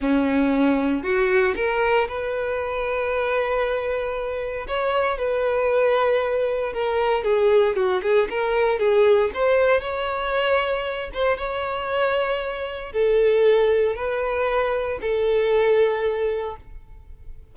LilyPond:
\new Staff \with { instrumentName = "violin" } { \time 4/4 \tempo 4 = 116 cis'2 fis'4 ais'4 | b'1~ | b'4 cis''4 b'2~ | b'4 ais'4 gis'4 fis'8 gis'8 |
ais'4 gis'4 c''4 cis''4~ | cis''4. c''8 cis''2~ | cis''4 a'2 b'4~ | b'4 a'2. | }